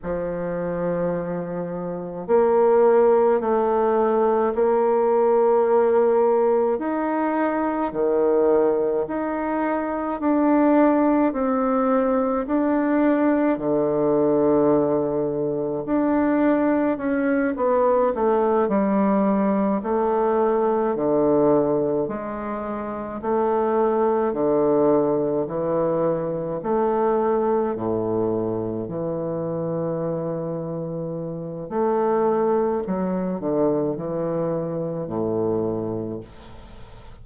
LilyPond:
\new Staff \with { instrumentName = "bassoon" } { \time 4/4 \tempo 4 = 53 f2 ais4 a4 | ais2 dis'4 dis4 | dis'4 d'4 c'4 d'4 | d2 d'4 cis'8 b8 |
a8 g4 a4 d4 gis8~ | gis8 a4 d4 e4 a8~ | a8 a,4 e2~ e8 | a4 fis8 d8 e4 a,4 | }